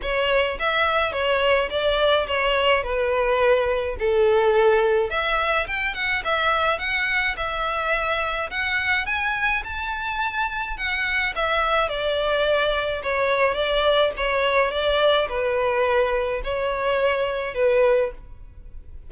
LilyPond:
\new Staff \with { instrumentName = "violin" } { \time 4/4 \tempo 4 = 106 cis''4 e''4 cis''4 d''4 | cis''4 b'2 a'4~ | a'4 e''4 g''8 fis''8 e''4 | fis''4 e''2 fis''4 |
gis''4 a''2 fis''4 | e''4 d''2 cis''4 | d''4 cis''4 d''4 b'4~ | b'4 cis''2 b'4 | }